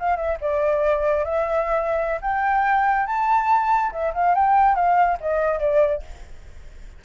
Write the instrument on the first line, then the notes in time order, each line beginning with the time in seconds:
flute
0.00 F5
0.17 E5
0.41 D5
1.24 E5
2.21 G5
3.07 A5
3.92 E5
4.14 F5
4.35 G5
4.75 F5
5.21 D#5
5.60 D5